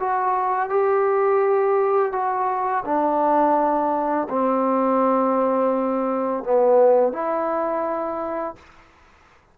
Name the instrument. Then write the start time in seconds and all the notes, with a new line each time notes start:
trombone
0.00 F#4
0.70 G4
2.13 F#4
2.85 D4
4.30 C4
6.44 B3
7.13 E4